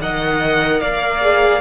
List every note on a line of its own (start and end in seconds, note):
0.00 0.81 D#3
0.00 1.21 A#4
0.00 0.81 D#5
0.00 0.81 F#5
0.81 1.60 A#3
0.81 1.60 D5
0.81 1.60 F5
1.21 1.60 G#4